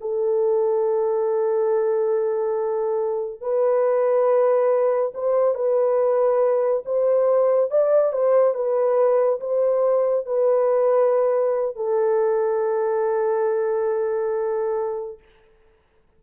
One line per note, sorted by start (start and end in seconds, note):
0.00 3.41 A4
3.41 5.12 B4
5.14 5.54 C5
5.54 6.83 B4
6.85 7.70 C5
7.70 8.12 D5
8.12 8.54 C5
8.54 9.39 B4
9.40 10.25 C5
10.25 11.75 B4
11.75 15.18 A4